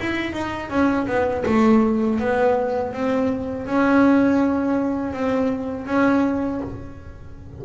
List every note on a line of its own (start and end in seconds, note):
0.00 0.33 E4
0.33 0.70 D#4
0.70 1.07 C#4
1.07 1.44 B3
1.46 2.20 A3
2.20 2.94 B3
2.94 3.67 C4
3.67 5.13 C#4
5.13 5.87 C4
5.87 6.61 C#4